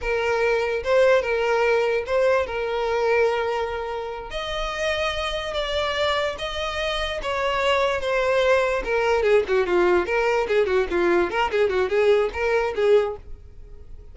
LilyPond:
\new Staff \with { instrumentName = "violin" } { \time 4/4 \tempo 4 = 146 ais'2 c''4 ais'4~ | ais'4 c''4 ais'2~ | ais'2~ ais'8 dis''4.~ | dis''4. d''2 dis''8~ |
dis''4. cis''2 c''8~ | c''4. ais'4 gis'8 fis'8 f'8~ | f'8 ais'4 gis'8 fis'8 f'4 ais'8 | gis'8 fis'8 gis'4 ais'4 gis'4 | }